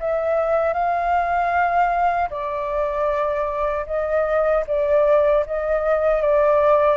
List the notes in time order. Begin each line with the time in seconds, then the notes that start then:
0.00 E5
0.73 F5
2.30 D5
3.86 D#5
4.67 D5
5.46 D#5
6.22 D5